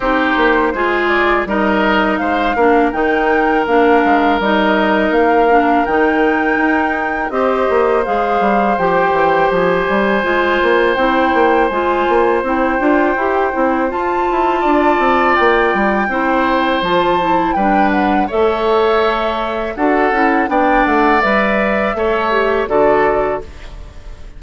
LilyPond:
<<
  \new Staff \with { instrumentName = "flute" } { \time 4/4 \tempo 4 = 82 c''4. d''8 dis''4 f''4 | g''4 f''4 dis''4 f''4 | g''2 dis''4 f''4 | g''4 gis''2 g''4 |
gis''4 g''2 a''4~ | a''4 g''2 a''4 | g''8 fis''8 e''2 fis''4 | g''8 fis''8 e''2 d''4 | }
  \new Staff \with { instrumentName = "oboe" } { \time 4/4 g'4 gis'4 ais'4 c''8 ais'8~ | ais'1~ | ais'2 c''2~ | c''1~ |
c''1 | d''2 c''2 | b'4 cis''2 a'4 | d''2 cis''4 a'4 | }
  \new Staff \with { instrumentName = "clarinet" } { \time 4/4 dis'4 f'4 dis'4. d'8 | dis'4 d'4 dis'4. d'8 | dis'2 g'4 gis'4 | g'2 f'4 e'4 |
f'4 e'8 f'8 g'8 e'8 f'4~ | f'2 e'4 f'8 e'8 | d'4 a'2 fis'8 e'8 | d'4 b'4 a'8 g'8 fis'4 | }
  \new Staff \with { instrumentName = "bassoon" } { \time 4/4 c'8 ais8 gis4 g4 gis8 ais8 | dis4 ais8 gis8 g4 ais4 | dis4 dis'4 c'8 ais8 gis8 g8 | f8 e8 f8 g8 gis8 ais8 c'8 ais8 |
gis8 ais8 c'8 d'8 e'8 c'8 f'8 e'8 | d'8 c'8 ais8 g8 c'4 f4 | g4 a2 d'8 cis'8 | b8 a8 g4 a4 d4 | }
>>